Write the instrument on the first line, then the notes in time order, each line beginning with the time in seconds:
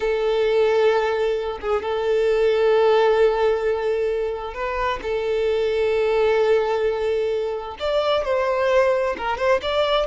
violin
0.00 A4
1.61 G#4
1.82 A4
4.53 B4
5.02 A4
7.79 D5
8.24 C5
9.17 A#4
9.37 C5
9.62 D5